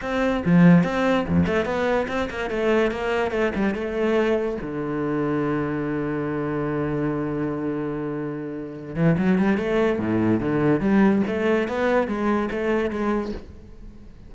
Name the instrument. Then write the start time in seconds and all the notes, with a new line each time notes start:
cello
0.01 C4
0.45 F3
0.83 C4
1.28 F2
1.46 A3
1.65 B3
2.08 C4
2.30 A#3
2.50 A3
2.91 A#3
3.31 A3
3.55 G3
3.74 A3
4.61 D3
8.95 E3
9.18 F#3
9.38 G3
9.57 A3
9.98 A2
10.40 D3
10.80 G3
11.27 A3
11.68 B3
12.07 G#3
12.51 A3
12.90 G#3